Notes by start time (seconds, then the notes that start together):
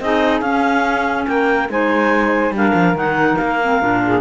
0.00 C4 D#4 G#4 D#5
0.40 C#4 F5
1.27 A#3 A#4 G5
1.69 G#3 D#4 C5 G#5
2.50 G3 D4 F5
2.57 A#4
2.74 F3
2.94 D#3 D#4 F#5
3.36 A#3 F5
3.62 C4
3.81 A#2 D4
4.04 G#4